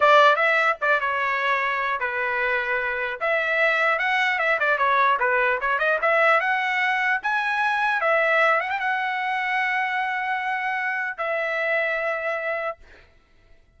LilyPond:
\new Staff \with { instrumentName = "trumpet" } { \time 4/4 \tempo 4 = 150 d''4 e''4 d''8 cis''4.~ | cis''4 b'2. | e''2 fis''4 e''8 d''8 | cis''4 b'4 cis''8 dis''8 e''4 |
fis''2 gis''2 | e''4. fis''16 g''16 fis''2~ | fis''1 | e''1 | }